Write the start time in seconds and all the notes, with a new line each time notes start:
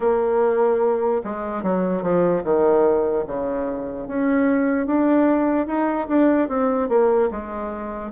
0.00 A#3
1.24 G#3
1.63 F#3
2.02 F3
2.43 D#3
3.27 C#3
4.07 C#4
4.86 D4
5.66 D#4
6.08 D4
6.48 C4
6.88 A#3
7.30 G#3